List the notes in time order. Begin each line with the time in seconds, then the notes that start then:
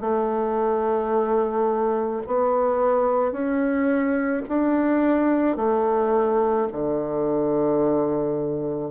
0.00 A3
2.26 B3
3.31 C#4
4.48 D4
5.56 A3
6.71 D3